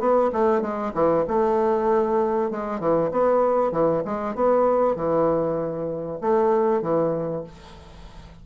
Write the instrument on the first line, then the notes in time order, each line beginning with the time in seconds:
bassoon
0.00 B3
0.33 A3
0.62 G#3
0.94 E3
1.28 A3
2.51 G#3
2.80 E3
3.12 B3
3.72 E3
4.05 G#3
4.35 B3
4.96 E3
6.21 A3
6.82 E3